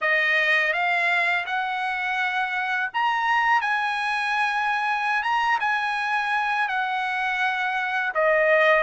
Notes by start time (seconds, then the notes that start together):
0.01 D#5
0.73 F5
1.46 F#5
2.93 A#5
3.61 G#5
5.22 A#5
5.60 G#5
6.68 F#5
8.14 D#5